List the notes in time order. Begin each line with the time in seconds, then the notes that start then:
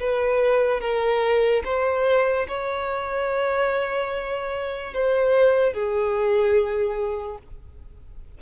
0.00 B4
0.81 A#4
1.65 C5
2.48 C#5
4.94 C5
5.73 G#4